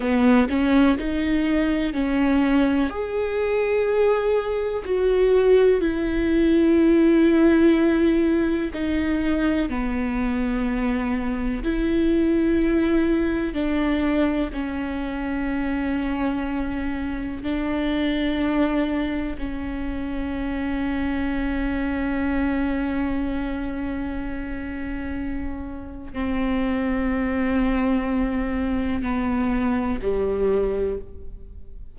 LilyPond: \new Staff \with { instrumentName = "viola" } { \time 4/4 \tempo 4 = 62 b8 cis'8 dis'4 cis'4 gis'4~ | gis'4 fis'4 e'2~ | e'4 dis'4 b2 | e'2 d'4 cis'4~ |
cis'2 d'2 | cis'1~ | cis'2. c'4~ | c'2 b4 g4 | }